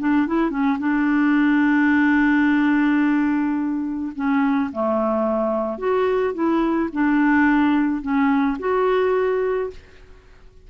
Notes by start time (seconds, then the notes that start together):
0.00 D4
0.28 E4
0.51 C#4
0.79 D4
4.16 C#4
4.73 A3
5.79 F#4
6.34 E4
6.93 D4
8.02 C#4
8.60 F#4